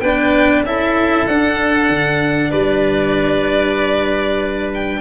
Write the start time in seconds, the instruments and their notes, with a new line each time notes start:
0.00 tuba B3, cello D4, oboe B4, violin G5
0.64 tuba C#4, cello E4, oboe A4, violin E5
1.26 tuba D4, cello D4, violin F#5
1.89 tuba D3
2.50 tuba G3, oboe B4, violin D5
4.74 violin G5